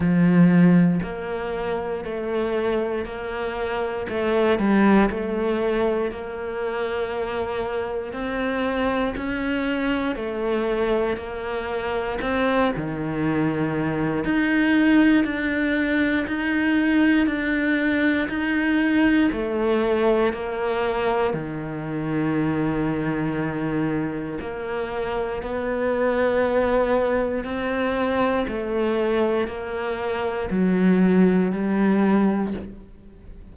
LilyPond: \new Staff \with { instrumentName = "cello" } { \time 4/4 \tempo 4 = 59 f4 ais4 a4 ais4 | a8 g8 a4 ais2 | c'4 cis'4 a4 ais4 | c'8 dis4. dis'4 d'4 |
dis'4 d'4 dis'4 a4 | ais4 dis2. | ais4 b2 c'4 | a4 ais4 fis4 g4 | }